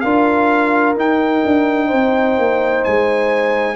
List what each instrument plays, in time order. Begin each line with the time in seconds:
0.00 tuba D4, trombone F4, horn A#4, trumpet F5
0.95 trombone D#4, tuba D#4, trumpet G5
1.45 tuba D4
1.87 tuba C4, horn C5
2.38 tuba A#3
2.84 tuba G#3, trumpet G#5